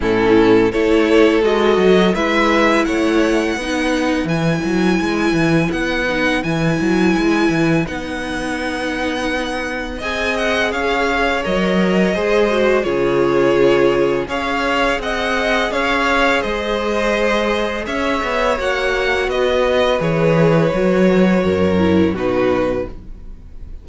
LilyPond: <<
  \new Staff \with { instrumentName = "violin" } { \time 4/4 \tempo 4 = 84 a'4 cis''4 dis''4 e''4 | fis''2 gis''2 | fis''4 gis''2 fis''4~ | fis''2 gis''8 fis''8 f''4 |
dis''2 cis''2 | f''4 fis''4 f''4 dis''4~ | dis''4 e''4 fis''4 dis''4 | cis''2. b'4 | }
  \new Staff \with { instrumentName = "violin" } { \time 4/4 e'4 a'2 b'4 | cis''4 b'2.~ | b'1~ | b'2 dis''4 cis''4~ |
cis''4 c''4 gis'2 | cis''4 dis''4 cis''4 c''4~ | c''4 cis''2 b'4~ | b'2 ais'4 fis'4 | }
  \new Staff \with { instrumentName = "viola" } { \time 4/4 cis'4 e'4 fis'4 e'4~ | e'4 dis'4 e'2~ | e'8 dis'8 e'2 dis'4~ | dis'2 gis'2 |
ais'4 gis'8 fis'8 f'2 | gis'1~ | gis'2 fis'2 | gis'4 fis'4. e'8 dis'4 | }
  \new Staff \with { instrumentName = "cello" } { \time 4/4 a,4 a4 gis8 fis8 gis4 | a4 b4 e8 fis8 gis8 e8 | b4 e8 fis8 gis8 e8 b4~ | b2 c'4 cis'4 |
fis4 gis4 cis2 | cis'4 c'4 cis'4 gis4~ | gis4 cis'8 b8 ais4 b4 | e4 fis4 fis,4 b,4 | }
>>